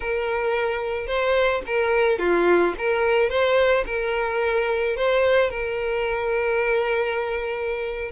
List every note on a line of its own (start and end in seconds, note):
0.00 1.06 A#4
1.06 1.61 C5
1.66 2.19 A#4
2.19 2.74 F4
2.77 3.29 A#4
3.29 3.84 C5
3.86 4.96 A#4
4.96 5.49 C5
5.49 8.11 A#4